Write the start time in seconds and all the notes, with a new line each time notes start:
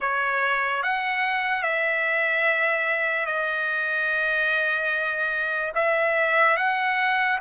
0.00 C#5
0.82 F#5
1.63 E5
3.26 D#5
5.74 E5
6.56 F#5